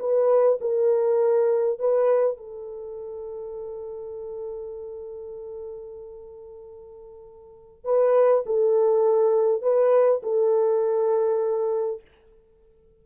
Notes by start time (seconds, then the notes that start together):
0.00 B4
0.61 A#4
1.80 B4
2.38 A4
7.85 B4
8.47 A4
9.63 B4
10.23 A4